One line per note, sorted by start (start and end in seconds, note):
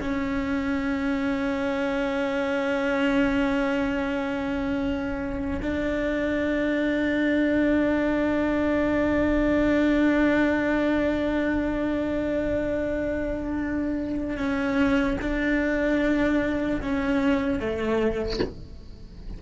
0.00 5.60 C#4
5.61 14.37 D4
14.37 15.17 C#4
15.21 16.81 D4
16.81 17.59 C#4
17.59 18.39 A3